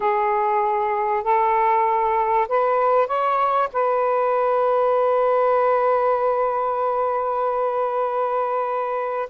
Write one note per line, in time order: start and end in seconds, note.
0.00 1.23 G#4
1.23 2.47 A4
2.48 3.07 B4
3.07 3.69 C#5
3.72 9.29 B4